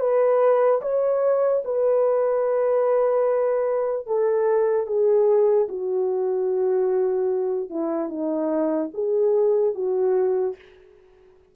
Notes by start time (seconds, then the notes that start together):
0.00 B4
0.81 C#5
1.65 B4
4.07 A4
4.86 G#4
5.69 F#4
7.70 E4
8.09 D#4
8.94 G#4
9.74 F#4